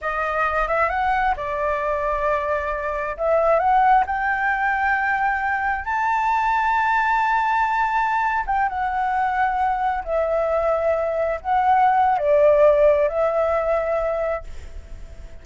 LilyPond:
\new Staff \with { instrumentName = "flute" } { \time 4/4 \tempo 4 = 133 dis''4. e''8 fis''4 d''4~ | d''2. e''4 | fis''4 g''2.~ | g''4 a''2.~ |
a''2~ a''8. g''8 fis''8.~ | fis''2~ fis''16 e''4.~ e''16~ | e''4~ e''16 fis''4.~ fis''16 d''4~ | d''4 e''2. | }